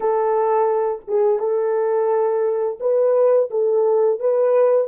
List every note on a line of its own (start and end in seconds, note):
0.00 1.02 A4
1.07 1.39 G#4
1.39 2.78 A4
2.79 3.49 B4
3.50 4.19 A4
4.19 4.87 B4